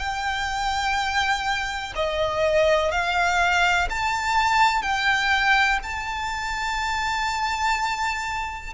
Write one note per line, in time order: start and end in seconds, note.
0.00 1.94 G5
1.96 2.92 D#5
2.92 3.89 F5
3.90 4.83 A5
4.83 5.79 G5
5.83 8.74 A5